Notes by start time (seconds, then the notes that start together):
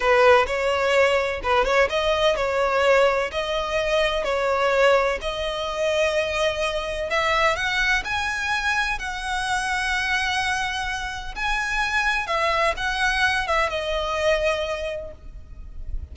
0.00 B4
0.46 C#5
1.43 B4
1.64 C#5
1.89 D#5
2.36 C#5
3.31 D#5
4.24 C#5
5.21 D#5
7.10 E5
7.56 F#5
8.04 G#5
8.98 F#5
11.35 G#5
12.26 E5
12.76 F#5
13.47 E5
13.69 D#5